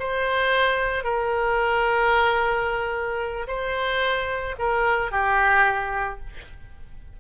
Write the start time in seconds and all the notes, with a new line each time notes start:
0.00 C5
1.04 A#4
3.48 C5
4.59 A#4
5.12 G4